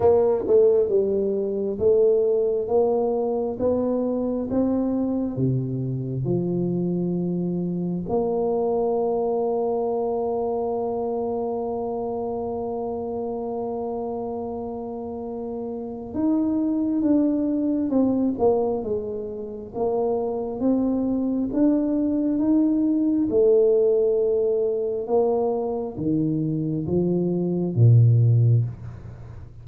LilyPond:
\new Staff \with { instrumentName = "tuba" } { \time 4/4 \tempo 4 = 67 ais8 a8 g4 a4 ais4 | b4 c'4 c4 f4~ | f4 ais2.~ | ais1~ |
ais2 dis'4 d'4 | c'8 ais8 gis4 ais4 c'4 | d'4 dis'4 a2 | ais4 dis4 f4 ais,4 | }